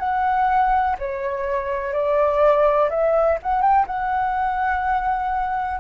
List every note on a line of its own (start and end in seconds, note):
0.00 0.97 F#5
0.99 1.93 C#5
1.93 2.90 D5
2.90 3.39 E5
3.43 3.62 F#5
3.62 3.86 G5
3.87 5.81 F#5